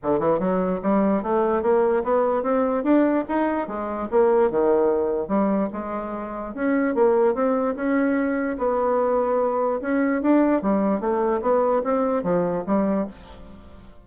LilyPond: \new Staff \with { instrumentName = "bassoon" } { \time 4/4 \tempo 4 = 147 d8 e8 fis4 g4 a4 | ais4 b4 c'4 d'4 | dis'4 gis4 ais4 dis4~ | dis4 g4 gis2 |
cis'4 ais4 c'4 cis'4~ | cis'4 b2. | cis'4 d'4 g4 a4 | b4 c'4 f4 g4 | }